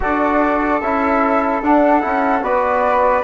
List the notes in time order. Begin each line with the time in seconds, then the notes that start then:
0.00 D4 F#4 A4 D5
0.80 C#4 E4 E5
1.62 D4 F#5
2.01 C#4 E4
2.42 B3 F#4 B4 D5